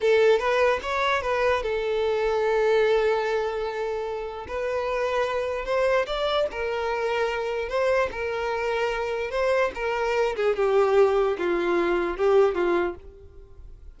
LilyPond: \new Staff \with { instrumentName = "violin" } { \time 4/4 \tempo 4 = 148 a'4 b'4 cis''4 b'4 | a'1~ | a'2. b'4~ | b'2 c''4 d''4 |
ais'2. c''4 | ais'2. c''4 | ais'4. gis'8 g'2 | f'2 g'4 f'4 | }